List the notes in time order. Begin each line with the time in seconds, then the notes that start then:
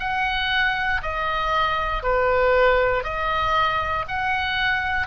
0.00 F#5
1.03 D#5
2.03 B4
3.04 D#5
4.09 F#5